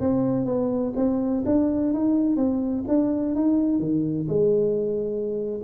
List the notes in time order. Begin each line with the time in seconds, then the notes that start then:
0.00 C4
0.45 B3
0.96 C4
1.46 D4
1.94 D#4
2.37 C4
2.88 D4
3.35 D#4
3.79 D#3
4.29 G#3